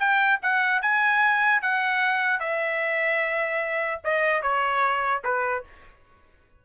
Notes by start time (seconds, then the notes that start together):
0.00 G5
0.42 F#5
0.82 G#5
1.62 F#5
2.41 E5
4.05 D#5
4.43 C#5
5.25 B4